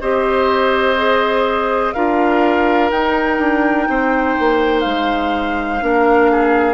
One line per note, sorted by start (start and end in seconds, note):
0.00 1.95 C4
0.00 0.97 G4
0.00 1.95 C5
0.00 1.94 D#5
0.97 1.94 G#4
1.94 2.91 D4
1.94 2.92 F4
1.94 3.88 A#4
1.94 2.90 F5
2.91 3.39 D#4
2.91 5.81 D#4
2.91 4.81 G5
3.39 3.87 D4
3.89 4.37 C4
3.89 5.84 C5
4.40 4.85 A#3
4.81 5.82 G#3
4.81 6.74 F5
5.81 6.74 A#3
5.81 6.74 D4
5.81 6.31 A#4
6.31 6.74 G#4